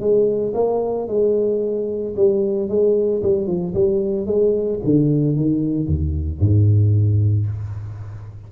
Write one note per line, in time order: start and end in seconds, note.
0.00 0.54 G#3
0.54 1.08 A#3
1.08 2.16 G#3
2.17 2.69 G3
2.69 3.22 G#3
3.23 3.47 G3
3.47 3.74 F3
3.75 4.26 G3
4.26 4.80 G#3
4.85 5.37 D3
5.37 5.88 D#3
5.88 6.40 D#2
6.40 7.47 G#2